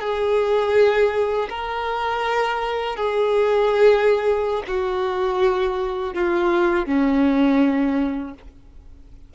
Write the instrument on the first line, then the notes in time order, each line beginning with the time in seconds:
violin
0.00 G#4
1.49 A#4
2.96 G#4
4.67 F#4
6.14 F4
6.86 C#4